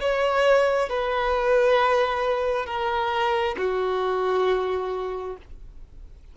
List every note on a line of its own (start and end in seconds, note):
0.00 0.89 C#5
0.89 2.66 B4
2.66 3.55 A#4
3.57 5.36 F#4